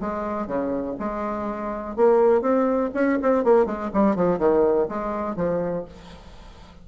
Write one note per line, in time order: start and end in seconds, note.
0.00 0.47 G#3
0.47 0.96 C#3
0.99 1.96 G#3
1.96 2.41 A#3
2.41 2.90 C4
2.94 3.19 C#4
3.22 3.44 C4
3.44 3.66 A#3
3.66 3.90 G#3
3.94 4.16 G3
4.16 4.38 F3
4.38 4.87 D#3
4.89 5.36 G#3
5.36 5.85 F3